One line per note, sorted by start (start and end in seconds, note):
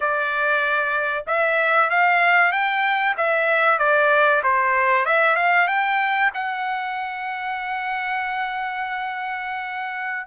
0.00 1.25 D5
1.27 1.90 E5
1.90 2.52 F5
2.52 3.15 G5
3.17 3.78 E5
3.78 4.42 D5
4.43 5.05 C5
5.05 5.35 E5
5.35 5.67 F5
5.67 6.30 G5
6.34 10.27 F#5